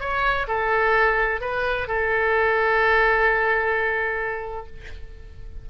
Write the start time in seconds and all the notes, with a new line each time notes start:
0.00 C#5
0.47 A4
1.41 B4
1.87 A4